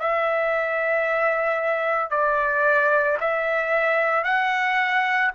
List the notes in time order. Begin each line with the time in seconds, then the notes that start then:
0.00 E5
2.11 D5
3.21 E5
4.24 F#5